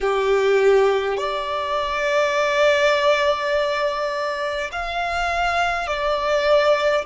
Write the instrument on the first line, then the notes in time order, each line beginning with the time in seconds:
violin
0.01 G4
1.17 D5
4.72 F5
5.87 D5